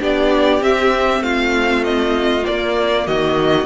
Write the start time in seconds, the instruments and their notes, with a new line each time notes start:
0.00 cello B3, viola D4, violin G4 D5
0.61 viola C4, cello C4, violin E5
1.21 cello A3, violin F4 F5
1.84 violin D#5
2.44 viola A#3, cello A#3, violin D5
3.07 cello D#3, violin F#4 D#5